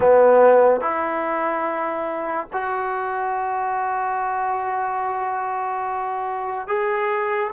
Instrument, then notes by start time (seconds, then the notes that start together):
trombone
0.00 B3
0.80 E4
2.52 F#4
6.67 G#4